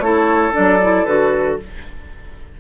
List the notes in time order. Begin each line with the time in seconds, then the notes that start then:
0.00 A3 E4 A4 C#5
0.52 F#3 D4 D5
0.82 E4
1.05 D3 F#4 B4